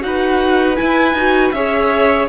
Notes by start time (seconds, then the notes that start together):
0.00 D#4 F#4 B4 F#5
0.76 E4 G#5
1.13 D#4 F#4
1.51 C#4 G#4 C#5 E5